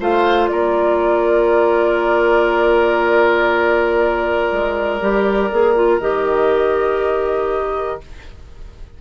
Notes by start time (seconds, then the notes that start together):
0.00 A3 F4 C5 F5
0.48 A#3 A#4 D5
4.52 G#3
5.01 G3 G4
5.52 A#3 G#4
5.76 F4
6.01 D#3 G4 D#5